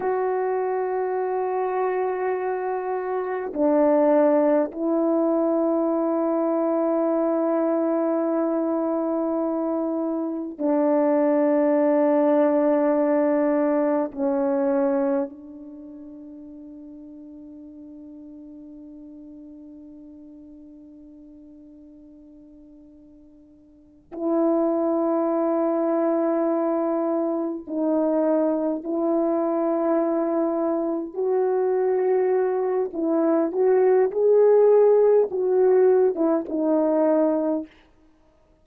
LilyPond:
\new Staff \with { instrumentName = "horn" } { \time 4/4 \tempo 4 = 51 fis'2. d'4 | e'1~ | e'4 d'2. | cis'4 d'2.~ |
d'1~ | d'8 e'2. dis'8~ | dis'8 e'2 fis'4. | e'8 fis'8 gis'4 fis'8. e'16 dis'4 | }